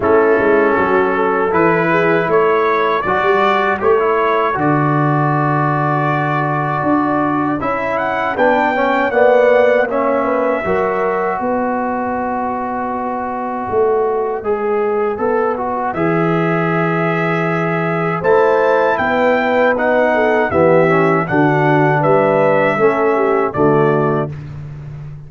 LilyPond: <<
  \new Staff \with { instrumentName = "trumpet" } { \time 4/4 \tempo 4 = 79 a'2 b'4 cis''4 | d''4 cis''4 d''2~ | d''2 e''8 fis''8 g''4 | fis''4 e''2 dis''4~ |
dis''1~ | dis''4 e''2. | a''4 g''4 fis''4 e''4 | fis''4 e''2 d''4 | }
  \new Staff \with { instrumentName = "horn" } { \time 4/4 e'4 fis'8 a'4 gis'8 a'4~ | a'1~ | a'2. b'8 cis''8 | d''4 cis''8 b'8 ais'4 b'4~ |
b'1~ | b'1 | c''4 b'4. a'8 g'4 | fis'4 b'4 a'8 g'8 fis'4 | }
  \new Staff \with { instrumentName = "trombone" } { \time 4/4 cis'2 e'2 | fis'4 g'16 e'8. fis'2~ | fis'2 e'4 d'8 cis'8 | b4 cis'4 fis'2~ |
fis'2. gis'4 | a'8 fis'8 gis'2. | e'2 dis'4 b8 cis'8 | d'2 cis'4 a4 | }
  \new Staff \with { instrumentName = "tuba" } { \time 4/4 a8 gis8 fis4 e4 a4 | fis16 g8. a4 d2~ | d4 d'4 cis'4 b4 | ais2 fis4 b4~ |
b2 a4 gis4 | b4 e2. | a4 b2 e4 | d4 g4 a4 d4 | }
>>